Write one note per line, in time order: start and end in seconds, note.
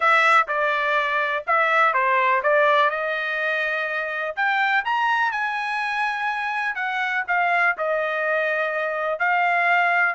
0.00 0.47 E5
0.47 1.44 D5
1.46 1.93 E5
1.93 2.41 C5
2.42 2.90 D5
2.90 4.35 D#5
4.35 4.84 G5
4.84 5.31 A#5
5.31 6.75 G#5
6.75 7.23 F#5
7.27 7.76 F5
7.77 9.19 D#5
9.19 10.15 F5